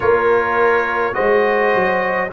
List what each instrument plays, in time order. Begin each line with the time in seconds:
0.00 tuba A#3, trombone F4, horn A#4, trumpet C#5
1.13 tuba G#3, trombone F#4, horn C5, trumpet D#5
1.75 tuba F#3